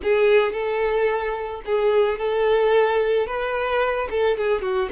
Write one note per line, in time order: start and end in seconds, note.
0.02 0.52 G#4
0.52 1.61 A4
1.65 2.18 G#4
2.18 3.26 A4
3.26 4.08 B4
4.10 4.37 A4
4.37 4.61 G#4
4.61 4.89 F#4